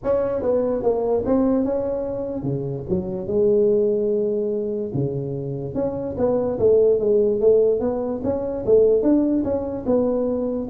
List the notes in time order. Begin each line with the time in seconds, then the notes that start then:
0.03 C#4
0.41 B3
0.83 A#3
1.25 C4
1.64 C#4
2.42 C#3
2.89 F#3
3.27 G#3
4.94 C#3
5.74 C#4
6.17 B3
6.59 A3
6.99 G#3
7.40 A3
7.80 B3
8.23 C#4
8.65 A3
9.02 D4
9.43 C#4
9.86 B3